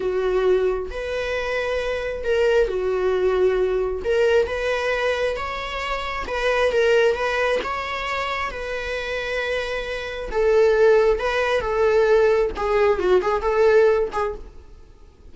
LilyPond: \new Staff \with { instrumentName = "viola" } { \time 4/4 \tempo 4 = 134 fis'2 b'2~ | b'4 ais'4 fis'2~ | fis'4 ais'4 b'2 | cis''2 b'4 ais'4 |
b'4 cis''2 b'4~ | b'2. a'4~ | a'4 b'4 a'2 | gis'4 fis'8 gis'8 a'4. gis'8 | }